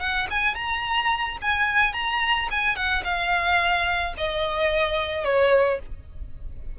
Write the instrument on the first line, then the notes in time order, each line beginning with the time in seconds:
violin
0.00 F#5
0.31 G#5
0.55 A#5
1.42 G#5
1.93 A#5
2.51 G#5
2.76 F#5
3.04 F5
4.18 D#5
5.24 C#5